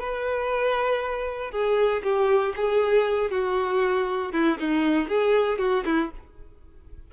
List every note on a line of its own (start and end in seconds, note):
0.00 1.52 B4
1.52 2.03 G#4
2.04 2.54 G4
2.56 3.31 G#4
3.31 4.33 F#4
4.33 4.58 E4
4.60 5.09 D#4
5.09 5.59 G#4
5.59 5.85 F#4
5.86 6.11 E4